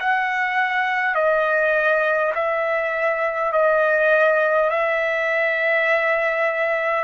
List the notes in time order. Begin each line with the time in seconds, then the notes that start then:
0.00 F#5
1.15 D#5
2.35 E5
3.52 D#5
4.70 E5